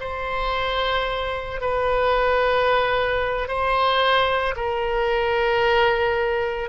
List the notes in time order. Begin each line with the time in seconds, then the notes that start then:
0.00 C5
1.61 B4
3.48 C5
4.56 A#4